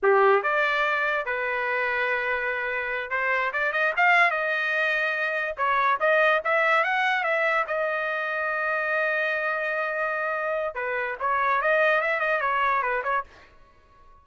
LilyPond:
\new Staff \with { instrumentName = "trumpet" } { \time 4/4 \tempo 4 = 145 g'4 d''2 b'4~ | b'2.~ b'8 c''8~ | c''8 d''8 dis''8 f''4 dis''4.~ | dis''4. cis''4 dis''4 e''8~ |
e''8 fis''4 e''4 dis''4.~ | dis''1~ | dis''2 b'4 cis''4 | dis''4 e''8 dis''8 cis''4 b'8 cis''8 | }